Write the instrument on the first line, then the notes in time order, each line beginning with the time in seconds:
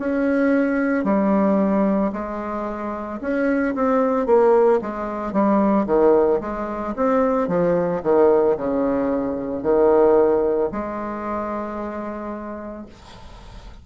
bassoon
0.00 C#4
1.04 G3
2.13 G#3
3.21 C#4
3.75 C4
4.27 A#3
4.82 G#3
5.33 G3
5.86 D#3
6.41 G#3
6.96 C4
7.48 F3
8.03 D#3
8.58 C#3
9.63 D#3
10.72 G#3